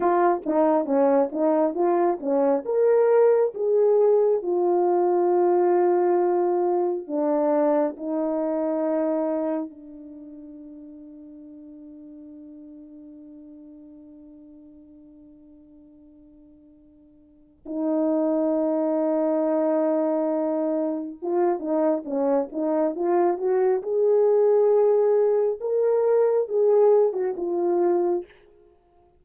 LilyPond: \new Staff \with { instrumentName = "horn" } { \time 4/4 \tempo 4 = 68 f'8 dis'8 cis'8 dis'8 f'8 cis'8 ais'4 | gis'4 f'2. | d'4 dis'2 d'4~ | d'1~ |
d'1 | dis'1 | f'8 dis'8 cis'8 dis'8 f'8 fis'8 gis'4~ | gis'4 ais'4 gis'8. fis'16 f'4 | }